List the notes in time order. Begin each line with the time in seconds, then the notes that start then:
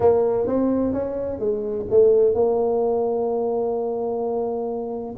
0.00 A#3
0.46 C4
0.93 C#4
1.39 G#3
1.90 A3
2.34 A#3